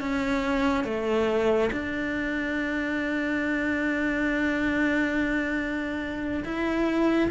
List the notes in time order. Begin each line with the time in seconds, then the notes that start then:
0.00 C#4
0.84 A3
1.72 D4
6.44 E4